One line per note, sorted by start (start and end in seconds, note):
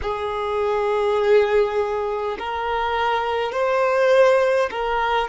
0.02 2.37 G#4
2.39 3.51 A#4
3.51 4.69 C5
4.71 5.28 A#4